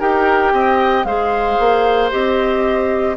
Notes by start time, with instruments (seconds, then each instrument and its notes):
0.00 bassoon D#4, clarinet G4, oboe A#4, flute G5
0.53 bassoon C4, oboe D#5
1.05 bassoon G#3, clarinet G#4, oboe C5, flute F5
1.59 bassoon A#3
2.11 bassoon C4, clarinet G4, flute D#5